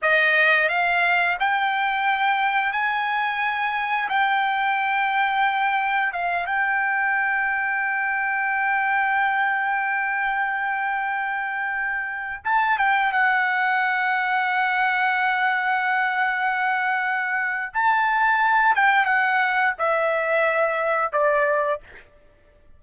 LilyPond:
\new Staff \with { instrumentName = "trumpet" } { \time 4/4 \tempo 4 = 88 dis''4 f''4 g''2 | gis''2 g''2~ | g''4 f''8 g''2~ g''8~ | g''1~ |
g''2~ g''16 a''8 g''8 fis''8.~ | fis''1~ | fis''2 a''4. g''8 | fis''4 e''2 d''4 | }